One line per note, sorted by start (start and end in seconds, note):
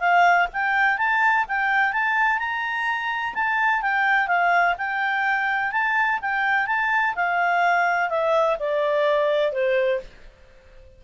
0.00 0.48 F5
0.53 0.98 G5
0.98 1.45 A5
1.48 1.93 G5
1.93 2.39 A5
2.39 3.34 A#5
3.34 3.82 A5
3.82 4.27 G5
4.27 4.75 F5
4.78 5.72 G5
5.72 6.19 A5
6.22 6.67 G5
6.67 7.15 A5
7.16 8.09 F5
8.09 8.57 E5
8.60 9.52 D5
9.52 10.00 C5